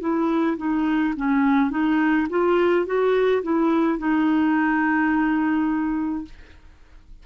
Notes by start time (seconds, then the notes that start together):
0.00 E4
0.58 D#4
1.17 C#4
1.71 D#4
2.30 F4
2.86 F#4
3.43 E4
3.99 D#4